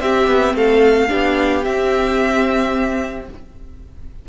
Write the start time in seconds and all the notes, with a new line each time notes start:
0.00 C4 G4 E5
0.27 B3
0.54 A3 A4 F5
1.08 B3 D4 G4
1.63 C4 E5